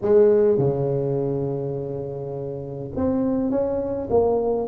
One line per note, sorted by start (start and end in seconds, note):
0.01 0.57 G#3
0.57 2.90 C#3
2.95 3.50 C4
3.50 4.08 C#4
4.10 4.67 A#3